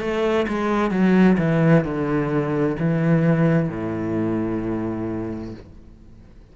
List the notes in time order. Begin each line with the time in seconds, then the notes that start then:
0.00 A3
0.48 G#3
0.91 F#3
1.38 E3
1.84 D3
2.79 E3
3.69 A2